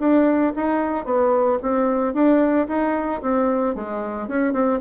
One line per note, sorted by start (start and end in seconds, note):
0.00 0.54 D4
0.56 1.05 D#4
1.05 1.59 B3
1.63 2.14 C4
2.14 2.68 D4
2.68 3.22 D#4
3.22 3.75 C4
3.75 4.28 G#3
4.28 4.54 C#4
4.54 4.80 C4